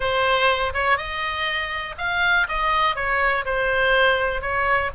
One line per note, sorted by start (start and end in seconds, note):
0.00 0.73 C5
0.73 0.97 C#5
0.97 1.95 D#5
1.98 2.47 F5
2.48 2.95 D#5
2.95 3.44 C#5
3.45 4.41 C5
4.41 4.90 C#5